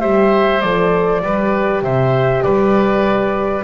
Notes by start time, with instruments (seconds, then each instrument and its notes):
0.00 double bass G3, horn G4, oboe C5, flute E5
0.60 double bass F3, horn A4, flute D5
1.22 double bass G3, horn G4, oboe B4
1.82 double bass C3, oboe C5, flute E5
2.42 double bass G3, oboe B4, flute D5